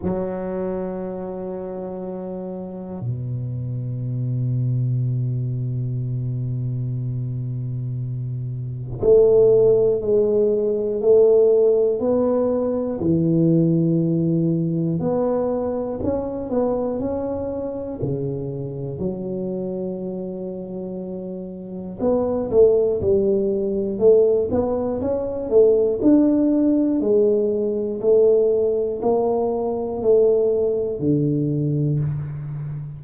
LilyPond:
\new Staff \with { instrumentName = "tuba" } { \time 4/4 \tempo 4 = 60 fis2. b,4~ | b,1~ | b,4 a4 gis4 a4 | b4 e2 b4 |
cis'8 b8 cis'4 cis4 fis4~ | fis2 b8 a8 g4 | a8 b8 cis'8 a8 d'4 gis4 | a4 ais4 a4 d4 | }